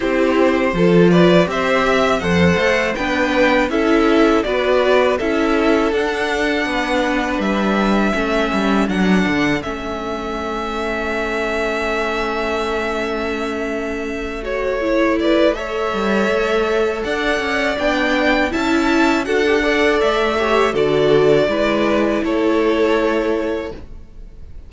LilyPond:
<<
  \new Staff \with { instrumentName = "violin" } { \time 4/4 \tempo 4 = 81 c''4. d''8 e''4 fis''4 | g''4 e''4 d''4 e''4 | fis''2 e''2 | fis''4 e''2.~ |
e''2.~ e''8 cis''8~ | cis''8 d''8 e''2 fis''4 | g''4 a''4 fis''4 e''4 | d''2 cis''2 | }
  \new Staff \with { instrumentName = "violin" } { \time 4/4 g'4 a'8 b'8 c''8 e''8 c''4 | b'4 a'4 b'4 a'4~ | a'4 b'2 a'4~ | a'1~ |
a'1~ | a'8 b'8 cis''2 d''4~ | d''4 e''4 a'8 d''4 cis''8 | a'4 b'4 a'2 | }
  \new Staff \with { instrumentName = "viola" } { \time 4/4 e'4 f'4 g'4 a'4 | d'4 e'4 fis'4 e'4 | d'2. cis'4 | d'4 cis'2.~ |
cis'2.~ cis'8 fis'8 | e'4 a'2. | d'4 e'4 fis'16 g'16 a'4 g'8 | fis'4 e'2. | }
  \new Staff \with { instrumentName = "cello" } { \time 4/4 c'4 f4 c'4 f,8 a8 | b4 cis'4 b4 cis'4 | d'4 b4 g4 a8 g8 | fis8 d8 a2.~ |
a1~ | a4. g8 a4 d'8 cis'8 | b4 cis'4 d'4 a4 | d4 gis4 a2 | }
>>